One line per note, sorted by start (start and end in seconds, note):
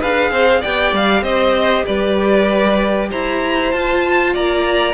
0.00 0.31 D4
0.00 0.63 G#4
0.00 0.31 B4
0.00 0.63 F5
0.31 0.62 C4
0.31 0.61 C5
0.61 0.93 B3
0.61 3.72 G4
0.61 1.23 D5
0.61 0.94 G5
0.93 1.22 G3
0.93 1.23 F5
1.22 1.84 C4
1.22 1.85 C5
1.22 1.85 D#5
1.85 3.11 G3
1.85 3.09 B4
1.85 3.10 D5
3.10 3.74 E4
3.10 4.34 C5
3.10 3.72 A#5
3.72 4.36 F4
3.72 4.94 F4
3.72 4.33 A5
4.34 4.94 A#3
4.34 4.94 D5
4.34 4.94 A#5